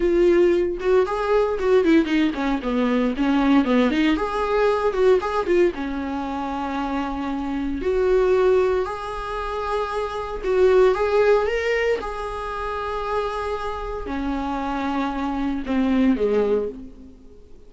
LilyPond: \new Staff \with { instrumentName = "viola" } { \time 4/4 \tempo 4 = 115 f'4. fis'8 gis'4 fis'8 e'8 | dis'8 cis'8 b4 cis'4 b8 dis'8 | gis'4. fis'8 gis'8 f'8 cis'4~ | cis'2. fis'4~ |
fis'4 gis'2. | fis'4 gis'4 ais'4 gis'4~ | gis'2. cis'4~ | cis'2 c'4 gis4 | }